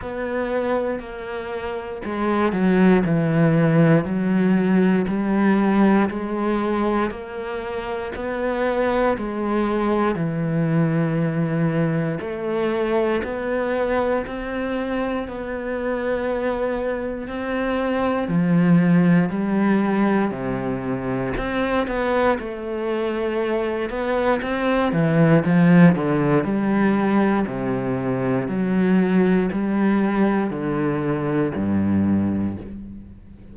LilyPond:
\new Staff \with { instrumentName = "cello" } { \time 4/4 \tempo 4 = 59 b4 ais4 gis8 fis8 e4 | fis4 g4 gis4 ais4 | b4 gis4 e2 | a4 b4 c'4 b4~ |
b4 c'4 f4 g4 | c4 c'8 b8 a4. b8 | c'8 e8 f8 d8 g4 c4 | fis4 g4 d4 g,4 | }